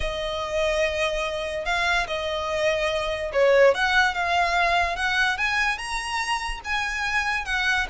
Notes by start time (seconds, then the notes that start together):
0.00 D#5
1.65 F5
2.07 D#5
3.33 C#5
3.74 F#5
4.14 F5
4.96 F#5
5.37 G#5
5.77 A#5
6.64 G#5
7.45 F#5